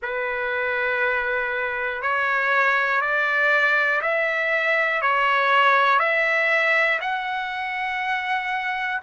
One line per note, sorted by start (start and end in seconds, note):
0.02 2.01 B4
2.01 3.01 C#5
3.01 4.01 D5
4.01 5.01 E5
5.01 5.99 C#5
5.99 6.99 E5
7.00 9.00 F#5